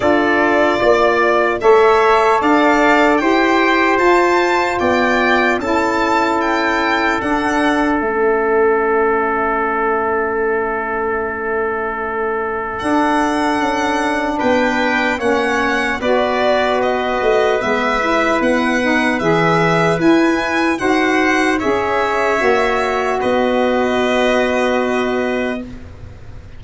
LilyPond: <<
  \new Staff \with { instrumentName = "violin" } { \time 4/4 \tempo 4 = 75 d''2 e''4 f''4 | g''4 a''4 g''4 a''4 | g''4 fis''4 e''2~ | e''1 |
fis''2 g''4 fis''4 | d''4 dis''4 e''4 fis''4 | e''4 gis''4 fis''4 e''4~ | e''4 dis''2. | }
  \new Staff \with { instrumentName = "trumpet" } { \time 4/4 a'4 d''4 cis''4 d''4 | c''2 d''4 a'4~ | a'1~ | a'1~ |
a'2 b'4 cis''4 | b'1~ | b'2 c''4 cis''4~ | cis''4 b'2. | }
  \new Staff \with { instrumentName = "saxophone" } { \time 4/4 f'2 a'2 | g'4 f'2 e'4~ | e'4 d'4 cis'2~ | cis'1 |
d'2. cis'4 | fis'2 b8 e'4 dis'8 | gis'4 e'4 fis'4 gis'4 | fis'1 | }
  \new Staff \with { instrumentName = "tuba" } { \time 4/4 d'4 ais4 a4 d'4 | e'4 f'4 b4 cis'4~ | cis'4 d'4 a2~ | a1 |
d'4 cis'4 b4 ais4 | b4. a8 gis4 b4 | e4 e'4 dis'4 cis'4 | ais4 b2. | }
>>